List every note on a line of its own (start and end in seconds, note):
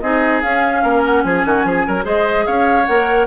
0.00 0.42 C4
0.00 0.42 D#4
0.00 0.83 G#4
0.00 0.41 D#5
0.41 0.83 C#4
0.41 2.02 C#4
0.41 1.02 F5
0.83 1.24 A#3
0.83 1.23 A#4
1.06 1.23 F#5
1.23 1.44 F3
1.23 1.46 G#4
1.23 2.04 G#5
1.45 1.64 D#3
1.45 1.66 F#4
1.64 1.85 F3
1.64 1.86 G#4
1.87 2.05 F#3
1.87 2.04 A#4
2.02 2.46 G#3
2.02 2.83 G#4
2.02 2.45 C5
2.02 2.46 D#5
2.46 2.88 C#4
2.46 3.26 C#5
2.46 2.85 F5
2.85 3.26 A#3
2.85 3.26 A#4
2.85 3.26 F#5